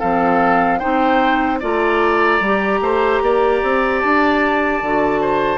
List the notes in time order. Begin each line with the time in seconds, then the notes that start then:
0.00 F3 C4 A4 F5
0.79 C4 D#4 C5 G5
1.60 A3 F4 D5 A#5
2.41 G3 G4
2.82 A3 C5
3.22 A#3 D5
3.63 C4
4.01 D4 A5
4.83 D3 F#4
5.21 C5